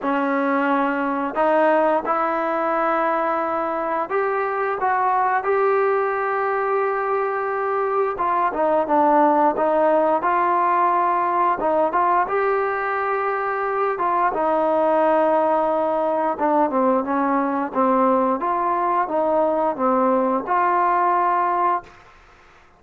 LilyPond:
\new Staff \with { instrumentName = "trombone" } { \time 4/4 \tempo 4 = 88 cis'2 dis'4 e'4~ | e'2 g'4 fis'4 | g'1 | f'8 dis'8 d'4 dis'4 f'4~ |
f'4 dis'8 f'8 g'2~ | g'8 f'8 dis'2. | d'8 c'8 cis'4 c'4 f'4 | dis'4 c'4 f'2 | }